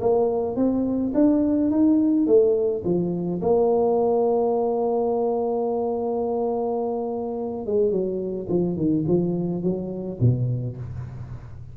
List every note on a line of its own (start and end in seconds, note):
0.00 0.56 A#3
0.56 1.12 C4
1.14 1.70 D4
1.70 2.26 D#4
2.26 2.83 A3
2.84 3.41 F3
3.41 7.66 A#3
7.66 7.91 G#3
7.91 8.48 F#3
8.49 8.76 F3
8.76 9.05 D#3
9.07 9.62 F3
9.62 10.19 F#3
10.20 10.77 B2